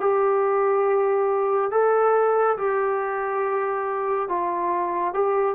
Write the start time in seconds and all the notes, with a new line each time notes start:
0.00 G4
1.71 A4
2.57 G4
4.28 F4
5.14 G4